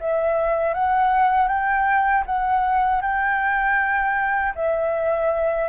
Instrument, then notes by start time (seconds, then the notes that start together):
flute
0.00 E5
0.74 F#5
1.48 G5
2.26 F#5
3.01 G5
4.55 E5